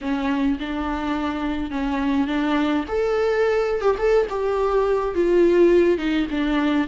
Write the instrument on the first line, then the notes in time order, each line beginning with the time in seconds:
viola
0.01 C#4
0.59 D4
1.70 C#4
2.27 D4
2.88 A4
3.81 G4
3.98 A4
4.29 G4
5.14 F4
5.97 D#4
6.30 D4